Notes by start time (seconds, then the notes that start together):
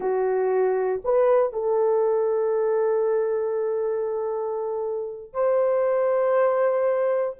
0.00 F#4
1.04 B4
1.52 A4
5.33 C5